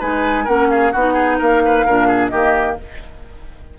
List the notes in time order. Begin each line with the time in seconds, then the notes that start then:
0.00 G#3 D#4 B4 G#5
0.45 A#3 C#4 A#4 F#5
0.70 G#4 F5
0.92 B3 D#4 F#4 F#5
1.14 G#4
1.39 A#3 A#4 F5
1.65 B4
1.86 A#2 D4 A#4
2.08 G#4
2.28 D#3 A#3 G4 D#5